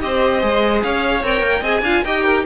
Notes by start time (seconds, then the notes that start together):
0.00 C4 G4 C5 D#5
0.41 G#3 G#4
0.83 C#4 C#5 F5
1.23 C4 A#4 G5
1.40 A#3
1.60 C4 G#4 D#5 G#5
1.81 D4 F4 F5
2.04 D#4 G4 D#5 G5
2.23 A#4